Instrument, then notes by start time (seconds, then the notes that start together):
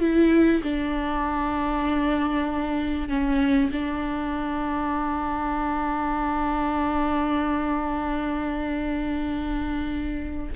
viola
0.00 E4
0.63 D4
3.09 C#4
3.72 D4